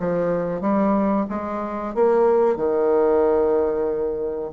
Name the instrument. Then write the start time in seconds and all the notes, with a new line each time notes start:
bassoon
0.00 F3
0.61 G3
1.30 G#3
1.95 A#3
2.56 D#3